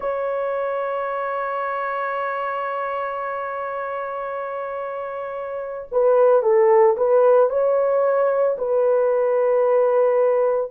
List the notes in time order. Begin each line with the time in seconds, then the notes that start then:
0.00 C#5
5.91 B4
6.42 A4
6.96 B4
7.50 C#5
8.58 B4